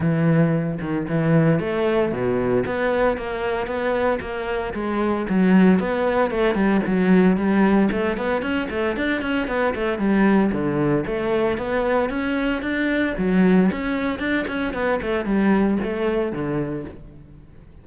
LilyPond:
\new Staff \with { instrumentName = "cello" } { \time 4/4 \tempo 4 = 114 e4. dis8 e4 a4 | b,4 b4 ais4 b4 | ais4 gis4 fis4 b4 | a8 g8 fis4 g4 a8 b8 |
cis'8 a8 d'8 cis'8 b8 a8 g4 | d4 a4 b4 cis'4 | d'4 fis4 cis'4 d'8 cis'8 | b8 a8 g4 a4 d4 | }